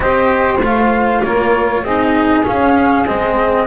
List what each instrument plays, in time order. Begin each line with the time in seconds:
0.00 double bass C4, cello G4, saxophone C5, flute D#5
0.59 double bass A3, cello F4, flute F5
1.23 double bass A#3, saxophone A#4, flute C#5
1.83 double bass C4, cello D#4, saxophone G#4, flute D#5
2.44 cello C#4, double bass C#4, flute F5
3.07 double bass G#3, cello C4, flute D#5